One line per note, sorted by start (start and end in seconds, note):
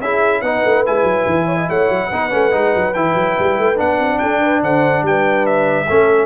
0.00 0.42 C#4
0.00 0.44 E4
0.00 0.41 G#4
0.00 0.41 E5
0.41 0.63 B3
0.41 0.85 D#4
0.41 1.46 B4
0.41 0.83 F#5
0.64 0.85 A3
0.85 1.03 G#3
0.85 2.11 E4
0.85 1.69 G#5
1.03 1.24 F#3
1.26 1.68 E3
1.46 1.56 C#5
1.57 1.67 D#5
1.69 1.89 A3
1.69 2.08 C#5
1.69 2.93 F#5
1.89 2.10 F#3
2.08 2.32 B3
2.08 2.30 D#4
2.08 4.18 B4
2.30 2.53 A3
2.30 2.51 C#4
2.51 2.74 G#3
2.51 2.93 D#4
2.75 2.95 F#3
2.93 3.14 E3
2.93 3.76 E4
2.93 3.77 G5
3.14 3.35 F#3
3.38 3.58 G3
3.58 3.79 A3
3.76 3.99 B3
3.76 5.85 D4
3.76 4.18 F#5
3.99 4.20 C4
4.18 4.62 D4
4.18 4.41 A4
4.18 4.60 G5
4.41 4.62 B4
4.62 5.02 D3
4.62 5.04 C5
4.62 5.05 F#5
5.02 5.86 G3
5.02 5.86 B4
5.02 5.46 G5
5.46 6.25 E5
5.86 6.25 A3
5.86 6.25 C#4
5.86 6.25 A4